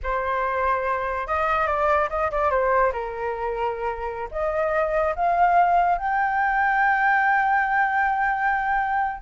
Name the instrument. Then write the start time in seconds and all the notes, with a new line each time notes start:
flute
0.03 C5
1.27 D#5
1.66 D5
2.09 D#5
2.31 D5
2.50 C5
2.92 A#4
4.31 D#5
5.15 F5
5.98 G5